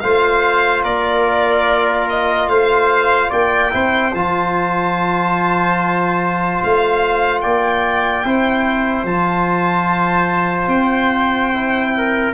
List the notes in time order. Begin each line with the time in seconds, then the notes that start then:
0.00 A3 F4 C5 F5
0.84 A#3 A#4 D5
2.09 D#5
2.48 A3 C5 F5
3.30 A#3 D5 G5
3.71 C4 E4 C5
4.14 F3 F4 A5
6.64 A3 F5
7.41 A#3 D5 G5
8.25 C4 E4 C5
9.04 F3 F4 A5
10.67 C4 G5
11.54 E4
11.98 A#4